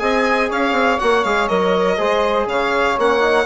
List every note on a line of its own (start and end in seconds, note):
0.00 0.51 C4
0.00 0.99 G#4
0.00 0.49 D#5
0.00 0.50 G#5
0.49 0.73 C#4
0.49 1.98 C#5
0.49 1.00 F5
0.73 0.97 C4
1.00 1.25 A#3
1.00 1.25 F#4
1.00 1.24 F#5
1.25 1.50 G#3
1.25 1.49 G#4
1.25 1.49 F5
1.49 1.99 F#3
1.49 1.98 A#4
1.49 2.48 D#5
1.98 2.47 G#3
1.98 2.97 G#4
1.98 2.48 C5
2.47 2.96 C#3
2.47 3.46 C#5
2.47 2.99 F5
2.98 3.46 A#3
2.98 3.21 C#4
2.98 3.46 F#5
3.21 3.46 D#4